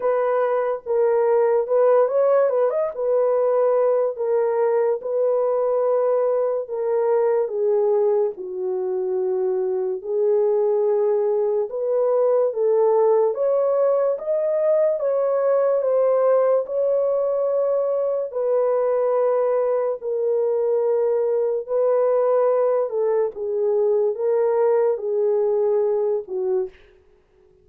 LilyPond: \new Staff \with { instrumentName = "horn" } { \time 4/4 \tempo 4 = 72 b'4 ais'4 b'8 cis''8 b'16 dis''16 b'8~ | b'4 ais'4 b'2 | ais'4 gis'4 fis'2 | gis'2 b'4 a'4 |
cis''4 dis''4 cis''4 c''4 | cis''2 b'2 | ais'2 b'4. a'8 | gis'4 ais'4 gis'4. fis'8 | }